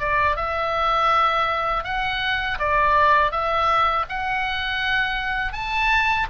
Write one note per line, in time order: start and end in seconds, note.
0.00 0.37 D5
0.37 1.85 E5
1.85 2.59 F#5
2.60 3.32 D5
3.32 4.06 E5
4.10 5.53 F#5
5.53 6.27 A5